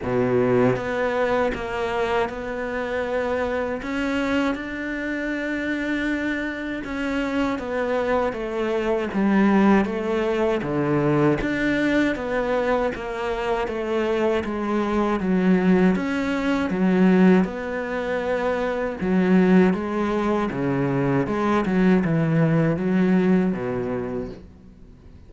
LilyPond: \new Staff \with { instrumentName = "cello" } { \time 4/4 \tempo 4 = 79 b,4 b4 ais4 b4~ | b4 cis'4 d'2~ | d'4 cis'4 b4 a4 | g4 a4 d4 d'4 |
b4 ais4 a4 gis4 | fis4 cis'4 fis4 b4~ | b4 fis4 gis4 cis4 | gis8 fis8 e4 fis4 b,4 | }